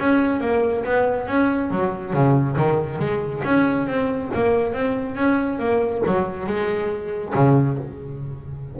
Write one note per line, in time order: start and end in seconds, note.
0.00 0.41 C#4
0.41 0.85 A#3
0.85 1.28 B3
1.28 1.71 C#4
1.71 2.14 F#3
2.14 2.57 C#3
2.58 2.99 D#3
2.99 3.43 G#3
3.45 3.88 C#4
3.88 4.31 C4
4.35 4.74 A#3
4.74 5.16 C4
5.16 5.60 C#4
5.60 6.03 A#3
6.07 6.47 F#3
6.47 7.34 G#3
7.35 7.79 C#3